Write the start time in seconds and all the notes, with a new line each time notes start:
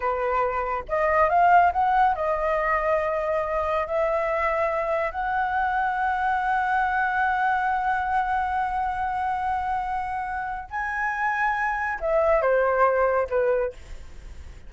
0.00 B4
0.88 D#5
1.29 F5
1.72 F#5
2.15 D#5
3.86 E5
5.11 F#5
10.70 G#5
12.00 E5
12.41 C5
13.29 B4